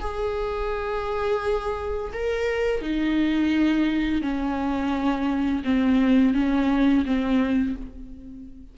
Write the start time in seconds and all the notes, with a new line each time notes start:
0.00 G#4
2.13 A#4
2.81 D#4
4.22 C#4
5.64 C4
6.34 C#4
7.05 C4